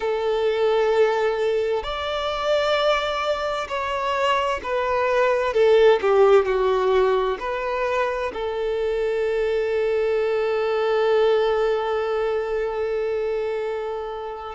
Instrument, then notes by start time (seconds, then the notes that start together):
violin
0.00 A4
1.83 D5
3.68 C#5
4.63 B4
5.53 A4
6.01 G4
6.45 F#4
7.39 B4
8.33 A4